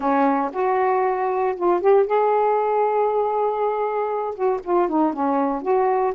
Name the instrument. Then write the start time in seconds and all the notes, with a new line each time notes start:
saxophone
0.00 C#4
0.52 F#4
1.55 F4
1.81 G4
2.06 G#4
4.34 F#4
4.63 F4
4.88 D#4
5.13 C#4
5.62 F#4